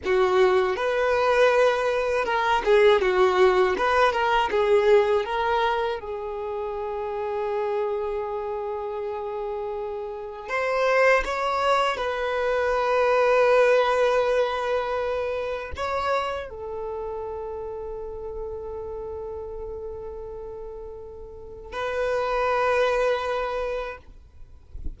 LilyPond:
\new Staff \with { instrumentName = "violin" } { \time 4/4 \tempo 4 = 80 fis'4 b'2 ais'8 gis'8 | fis'4 b'8 ais'8 gis'4 ais'4 | gis'1~ | gis'2 c''4 cis''4 |
b'1~ | b'4 cis''4 a'2~ | a'1~ | a'4 b'2. | }